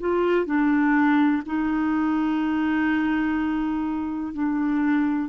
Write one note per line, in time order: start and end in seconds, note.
0.00 0.46 F4
0.46 1.43 D4
1.46 4.34 D#4
4.34 5.29 D4